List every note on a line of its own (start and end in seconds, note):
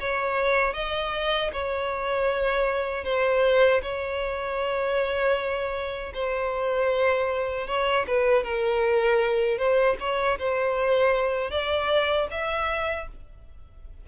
0.00 0.73 C#5
0.73 1.50 D#5
1.52 3.04 C#5
3.04 3.81 C5
3.82 6.13 C#5
6.14 7.67 C5
7.67 8.06 C#5
8.07 8.43 B4
8.43 9.57 A#4
9.57 9.96 C5
10.00 10.38 C#5
10.38 11.51 C5
11.51 12.28 D5
12.30 13.07 E5